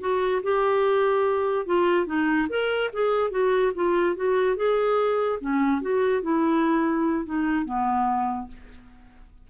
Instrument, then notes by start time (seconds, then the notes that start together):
clarinet
0.00 F#4
0.43 G4
1.66 F4
2.06 D#4
2.49 A#4
2.92 G#4
3.30 F#4
3.75 F4
4.15 F#4
4.56 G#4
5.40 C#4
5.81 F#4
6.22 E4
7.25 D#4
7.65 B3